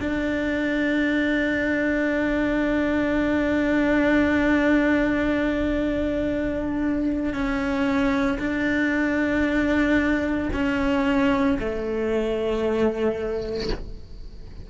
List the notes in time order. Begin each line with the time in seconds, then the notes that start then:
0.00 D4
7.33 C#4
8.39 D4
10.54 C#4
11.59 A3